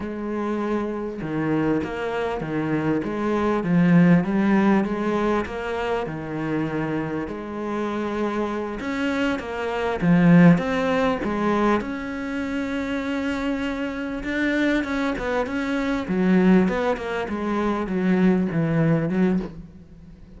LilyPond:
\new Staff \with { instrumentName = "cello" } { \time 4/4 \tempo 4 = 99 gis2 dis4 ais4 | dis4 gis4 f4 g4 | gis4 ais4 dis2 | gis2~ gis8 cis'4 ais8~ |
ais8 f4 c'4 gis4 cis'8~ | cis'2.~ cis'8 d'8~ | d'8 cis'8 b8 cis'4 fis4 b8 | ais8 gis4 fis4 e4 fis8 | }